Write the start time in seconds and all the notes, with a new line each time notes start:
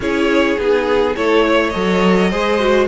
0.00 C#4 E4 G#4 C#5
0.58 B3 D#4 G#4
1.14 A3 E4 A4 C#5
1.46 C#5
1.70 F#3 A4 D#5
2.30 G#3 G#4 C5
2.59 F#4